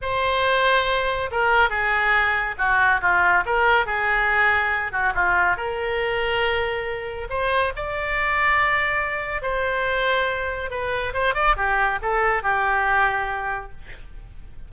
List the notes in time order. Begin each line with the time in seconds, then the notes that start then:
0.01 C5
1.31 A#4
1.69 G#4
2.57 F#4
3.01 F4
3.45 A#4
3.86 G#4
4.91 F#4
5.14 F4
5.56 A#4
7.29 C5
7.76 D5
9.42 C5
10.70 B4
11.13 C5
11.34 D5
11.56 G4
12.02 A4
12.42 G4